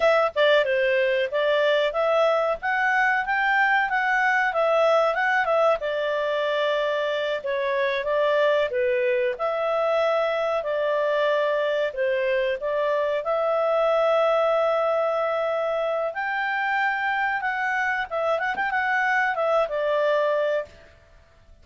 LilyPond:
\new Staff \with { instrumentName = "clarinet" } { \time 4/4 \tempo 4 = 93 e''8 d''8 c''4 d''4 e''4 | fis''4 g''4 fis''4 e''4 | fis''8 e''8 d''2~ d''8 cis''8~ | cis''8 d''4 b'4 e''4.~ |
e''8 d''2 c''4 d''8~ | d''8 e''2.~ e''8~ | e''4 g''2 fis''4 | e''8 fis''16 g''16 fis''4 e''8 d''4. | }